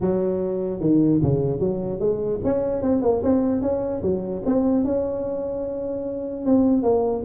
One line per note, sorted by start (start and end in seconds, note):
0.00 0.80 F#3
0.80 1.20 D#3
1.22 1.59 C#3
1.59 1.99 F#3
1.99 2.40 G#3
2.44 2.82 C#4
2.82 3.02 C4
3.02 3.22 A#3
3.23 3.61 C4
3.61 4.01 C#4
4.02 4.42 F#3
4.45 4.84 C4
4.84 6.45 C#4
6.45 6.82 C4
6.82 7.23 A#3